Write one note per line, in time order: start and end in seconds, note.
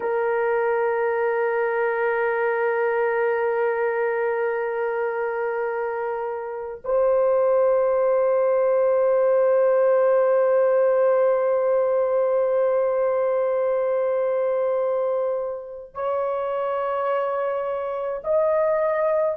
0.00 6.81 A#4
6.84 15.94 C5
15.94 18.22 C#5
18.23 19.37 D#5